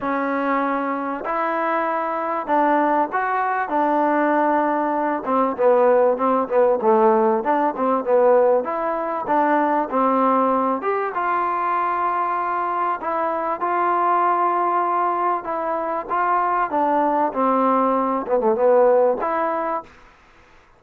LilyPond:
\new Staff \with { instrumentName = "trombone" } { \time 4/4 \tempo 4 = 97 cis'2 e'2 | d'4 fis'4 d'2~ | d'8 c'8 b4 c'8 b8 a4 | d'8 c'8 b4 e'4 d'4 |
c'4. g'8 f'2~ | f'4 e'4 f'2~ | f'4 e'4 f'4 d'4 | c'4. b16 a16 b4 e'4 | }